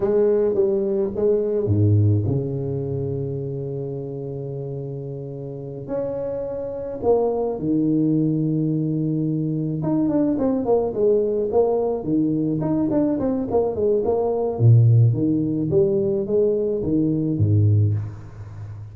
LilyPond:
\new Staff \with { instrumentName = "tuba" } { \time 4/4 \tempo 4 = 107 gis4 g4 gis4 gis,4 | cis1~ | cis2~ cis8 cis'4.~ | cis'8 ais4 dis2~ dis8~ |
dis4. dis'8 d'8 c'8 ais8 gis8~ | gis8 ais4 dis4 dis'8 d'8 c'8 | ais8 gis8 ais4 ais,4 dis4 | g4 gis4 dis4 gis,4 | }